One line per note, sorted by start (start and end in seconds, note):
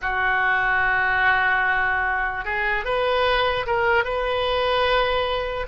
0.01 2.44 F#4
2.44 2.85 G#4
2.85 3.66 B4
3.66 4.04 A#4
4.04 5.66 B4